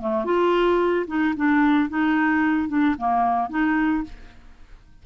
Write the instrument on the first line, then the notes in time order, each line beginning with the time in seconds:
clarinet
0.00 A3
0.25 F4
1.07 D#4
1.36 D4
1.89 D#4
2.68 D4
2.98 A#3
3.49 D#4